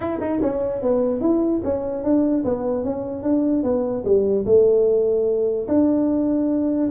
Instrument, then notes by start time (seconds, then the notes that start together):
tuba
0.00 E4
0.20 D#4
0.41 C#4
0.82 B3
1.21 E4
1.63 C#4
2.03 D4
2.44 B3
2.83 C#4
3.22 D4
3.63 B3
4.04 G3
4.45 A3
5.68 D4